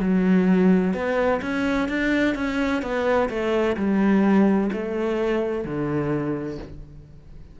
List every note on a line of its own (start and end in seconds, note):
0.00 0.94 F#3
0.94 1.41 B3
1.41 1.88 C#4
1.88 2.35 D4
2.35 2.82 C#4
2.82 3.29 B3
3.29 3.76 A3
3.76 4.70 G3
4.72 5.64 A3
5.64 6.58 D3